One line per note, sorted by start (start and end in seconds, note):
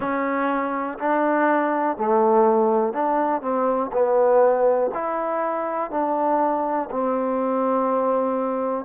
0.00 0.98 C#4
0.98 1.97 D4
1.97 2.92 A3
2.92 3.41 D4
3.41 3.90 C4
3.92 4.90 B3
4.94 5.90 E4
5.90 6.89 D4
6.91 8.85 C4